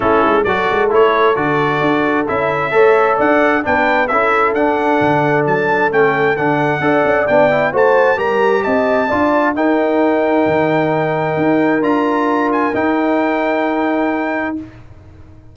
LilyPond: <<
  \new Staff \with { instrumentName = "trumpet" } { \time 4/4 \tempo 4 = 132 a'4 d''4 cis''4 d''4~ | d''4 e''2 fis''4 | g''4 e''4 fis''2 | a''4 g''4 fis''2 |
g''4 a''4 ais''4 a''4~ | a''4 g''2.~ | g''2 ais''4. gis''8 | g''1 | }
  \new Staff \with { instrumentName = "horn" } { \time 4/4 e'4 a'2.~ | a'2 cis''4 d''4 | b'4 a'2.~ | a'2. d''4~ |
d''4 c''4 ais'4 dis''4 | d''4 ais'2.~ | ais'1~ | ais'1 | }
  \new Staff \with { instrumentName = "trombone" } { \time 4/4 cis'4 fis'4 e'4 fis'4~ | fis'4 e'4 a'2 | d'4 e'4 d'2~ | d'4 cis'4 d'4 a'4 |
d'8 e'8 fis'4 g'2 | f'4 dis'2.~ | dis'2 f'2 | dis'1 | }
  \new Staff \with { instrumentName = "tuba" } { \time 4/4 a8 gis8 fis8 gis8 a4 d4 | d'4 cis'4 a4 d'4 | b4 cis'4 d'4 d4 | fis4 a4 d4 d'8 cis'8 |
b4 a4 g4 c'4 | d'4 dis'2 dis4~ | dis4 dis'4 d'2 | dis'1 | }
>>